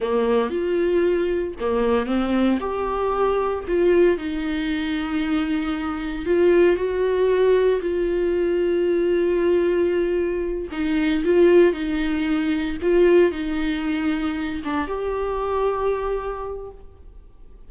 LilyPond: \new Staff \with { instrumentName = "viola" } { \time 4/4 \tempo 4 = 115 ais4 f'2 ais4 | c'4 g'2 f'4 | dis'1 | f'4 fis'2 f'4~ |
f'1~ | f'8 dis'4 f'4 dis'4.~ | dis'8 f'4 dis'2~ dis'8 | d'8 g'2.~ g'8 | }